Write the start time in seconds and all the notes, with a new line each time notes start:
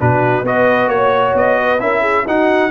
0.00 B2 D4 F#4 B4
0.43 B3 F#4 B4 D#5
0.88 A#3 C#5
1.35 B3 D#5
1.62 B4
1.80 C#4 E4 A#4 E5
2.01 G#4
2.27 D#4 F#4 F#5